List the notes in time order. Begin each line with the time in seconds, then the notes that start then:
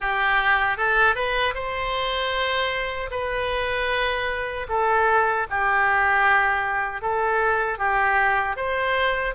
0.00 G4
0.77 A4
1.15 B4
1.54 C5
3.11 B4
4.69 A4
5.49 G4
7.01 A4
7.78 G4
8.56 C5